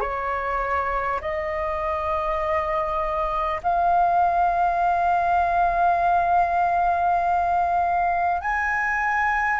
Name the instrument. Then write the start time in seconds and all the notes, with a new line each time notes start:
flute
0.00 C#5
1.21 D#5
3.63 F5
8.41 G#5